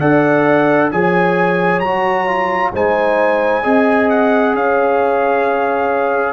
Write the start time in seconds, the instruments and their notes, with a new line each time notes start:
0.00 tuba D4, trombone A4, horn D5, trumpet F#5
0.92 tuba F3, trombone G#4, horn C#5, trumpet G#5
1.80 tuba F#3, trombone F#4, trumpet A#5
2.28 trombone F4
2.74 tuba G#3, trombone D#4, horn C5, trumpet G#5
3.63 tuba C4, trombone G#4, horn D#5
4.10 trumpet F#5
4.55 tuba C#4, horn C#5, trumpet F5